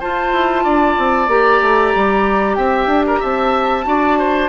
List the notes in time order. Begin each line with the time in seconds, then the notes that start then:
0.00 F4 C5 A5
0.33 E4
0.64 D4 D5
0.98 C4
1.28 A#3 G4 A#5
1.61 A3
1.95 G3
2.55 C4 E5 G5
2.86 D4
3.07 A#4 A#5
3.19 C4 E5 A5
3.84 D4 F#4 D5
4.18 C5